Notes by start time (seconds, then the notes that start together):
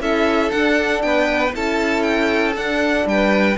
0.00 C#4 E4 A4 E5
0.51 D4 F#5
1.02 B3 B4 G5
1.54 C#4 E4 A4 A5
2.03 G5
2.56 D4 F#5
3.06 G3 B4 G5